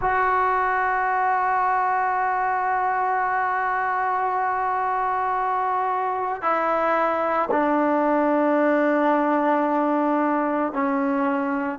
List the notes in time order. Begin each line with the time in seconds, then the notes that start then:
0.01 F#4
6.42 E4
7.51 D4
10.72 C#4